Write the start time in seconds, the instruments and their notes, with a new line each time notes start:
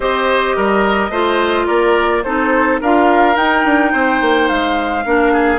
0.00 bassoon C4, clarinet G4, oboe C5, flute D#5
0.56 bassoon G3, oboe A#4
1.10 bassoon A3, clarinet F4, oboe C5
1.66 bassoon A#3, oboe A#4, flute D5
2.23 bassoon C4, clarinet D#4, oboe A4, flute C5
2.80 bassoon D4, clarinet F4, oboe A#4, flute F5
3.35 clarinet D#4, bassoon D#4, flute G5
3.64 bassoon D4
3.92 bassoon C4, oboe C5
4.21 bassoon A#3
4.48 bassoon G#3, flute F5
5.05 bassoon A#3, clarinet D4, oboe A#4
5.33 oboe G#4